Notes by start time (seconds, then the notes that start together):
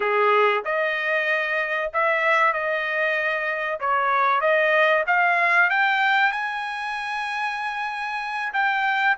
0.00 G#4
0.64 D#5
1.93 E5
2.53 D#5
3.80 C#5
4.40 D#5
5.06 F5
5.70 G5
6.32 G#5
8.53 G5